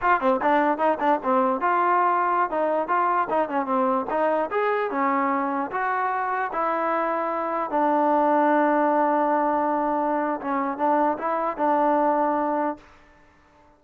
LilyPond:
\new Staff \with { instrumentName = "trombone" } { \time 4/4 \tempo 4 = 150 f'8 c'8 d'4 dis'8 d'8 c'4 | f'2~ f'16 dis'4 f'8.~ | f'16 dis'8 cis'8 c'4 dis'4 gis'8.~ | gis'16 cis'2 fis'4.~ fis'16~ |
fis'16 e'2. d'8.~ | d'1~ | d'2 cis'4 d'4 | e'4 d'2. | }